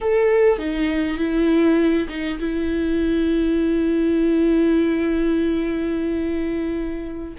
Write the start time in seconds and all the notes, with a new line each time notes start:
0.00 A4
0.58 D#4
1.17 E4
2.08 D#4
2.39 E4